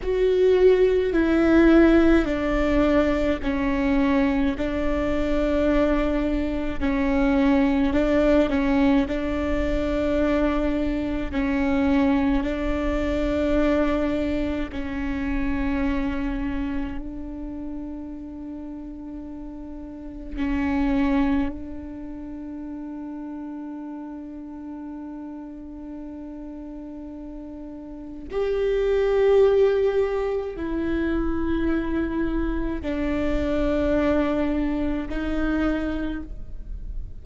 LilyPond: \new Staff \with { instrumentName = "viola" } { \time 4/4 \tempo 4 = 53 fis'4 e'4 d'4 cis'4 | d'2 cis'4 d'8 cis'8 | d'2 cis'4 d'4~ | d'4 cis'2 d'4~ |
d'2 cis'4 d'4~ | d'1~ | d'4 g'2 e'4~ | e'4 d'2 dis'4 | }